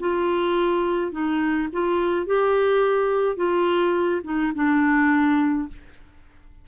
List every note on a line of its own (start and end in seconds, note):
0.00 1.12 F4
1.12 1.68 D#4
1.72 2.26 F4
2.26 3.37 G4
3.37 4.21 F4
4.24 4.52 D#4
4.55 5.69 D4